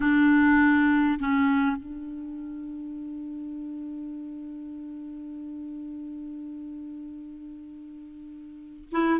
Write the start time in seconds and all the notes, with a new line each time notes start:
0.00 D4
1.19 C#4
1.76 D4
8.91 E4